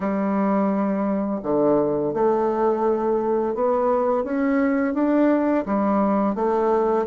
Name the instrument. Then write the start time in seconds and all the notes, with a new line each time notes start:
bassoon
0.00 G3
1.42 D3
2.13 A3
3.55 B3
4.24 C#4
4.94 D4
5.65 G3
6.35 A3